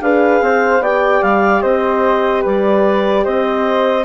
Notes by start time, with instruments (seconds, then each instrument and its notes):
0.00 bassoon D4, horn G#4, flute B4, clarinet F5
0.41 bassoon C4, flute C5
0.80 bassoon B3, horn G4, flute D5, clarinet G5
1.22 bassoon G3, clarinet F5
1.61 bassoon C4, flute C5, clarinet D#5
2.42 bassoon G3, flute B4, clarinet D5
3.24 bassoon C4, flute C5, clarinet D#5